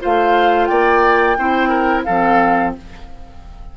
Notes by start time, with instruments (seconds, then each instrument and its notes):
0.00 bassoon A3, clarinet F4, oboe C5, flute F5
0.66 bassoon A#3, oboe D5, flute G5
1.38 bassoon C4, clarinet E4, oboe C5
1.69 oboe A#4
2.04 bassoon F3, clarinet C4, oboe A4, flute F5